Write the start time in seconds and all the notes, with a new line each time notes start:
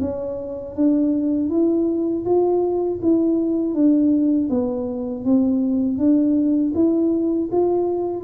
0.00 C#4
0.75 D4
1.49 E4
2.25 F4
3.02 E4
3.74 D4
4.49 B3
5.24 C4
5.97 D4
6.74 E4
7.51 F4